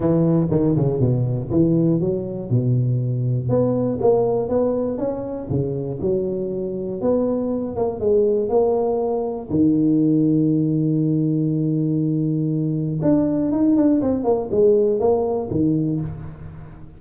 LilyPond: \new Staff \with { instrumentName = "tuba" } { \time 4/4 \tempo 4 = 120 e4 dis8 cis8 b,4 e4 | fis4 b,2 b4 | ais4 b4 cis'4 cis4 | fis2 b4. ais8 |
gis4 ais2 dis4~ | dis1~ | dis2 d'4 dis'8 d'8 | c'8 ais8 gis4 ais4 dis4 | }